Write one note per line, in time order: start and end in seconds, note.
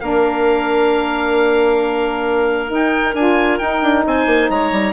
0.00 2.72 A#3
0.00 2.67 D4
0.00 4.06 A#4
0.00 2.71 F5
2.67 3.13 D#4
2.67 3.14 D#4
2.74 3.15 G5
3.14 3.59 D4
3.14 3.60 F4
3.14 3.58 G#5
3.58 3.82 D#4
3.58 4.93 D#4
3.58 4.03 G5
3.82 4.04 D4
4.06 4.26 C4
4.06 4.51 C5
4.06 4.50 G#5
4.26 4.48 A#3
4.49 4.72 G#3
4.49 4.93 C#5
4.49 4.93 A#5
4.72 4.93 G3